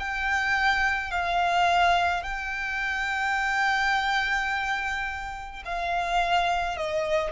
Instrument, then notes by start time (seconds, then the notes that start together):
violin
0.00 G5
1.11 F5
2.23 G5
5.66 F5
6.78 D#5